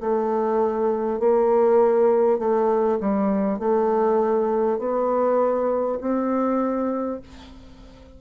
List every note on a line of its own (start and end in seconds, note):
0.00 1.19 A3
1.19 2.39 A#3
2.39 2.99 A3
3.01 3.59 G3
3.59 4.78 A3
4.78 5.98 B3
6.01 7.21 C4